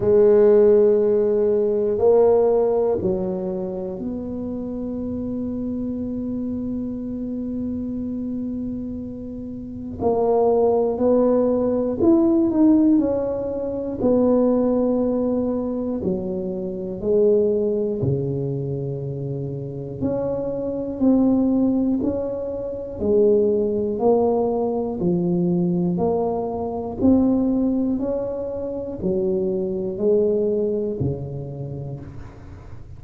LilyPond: \new Staff \with { instrumentName = "tuba" } { \time 4/4 \tempo 4 = 60 gis2 ais4 fis4 | b1~ | b2 ais4 b4 | e'8 dis'8 cis'4 b2 |
fis4 gis4 cis2 | cis'4 c'4 cis'4 gis4 | ais4 f4 ais4 c'4 | cis'4 fis4 gis4 cis4 | }